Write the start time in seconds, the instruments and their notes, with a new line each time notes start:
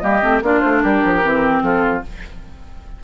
0.00 bassoon G3, clarinet A#3, oboe G4, flute D#5
0.22 bassoon A3, clarinet C4
0.42 bassoon A#3, clarinet D4, oboe F4, flute D5
0.60 bassoon A3, flute C5
0.83 bassoon G3, oboe G4, flute A#4
1.05 bassoon F3
1.23 bassoon E3, clarinet C4
1.63 bassoon F3, oboe F4, flute A4